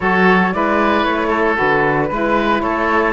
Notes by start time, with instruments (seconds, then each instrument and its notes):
0.00 cello F#3, saxophone F#4, oboe A4, flute C#5
0.52 cello G#3, saxophone E4, oboe B4, flute D5
1.04 cello A3, flute C#5
1.28 oboe A4
1.55 cello D3, saxophone F#4, flute B4
2.10 cello G#3, saxophone E4, oboe B4
2.61 cello A3, oboe A4, flute C#5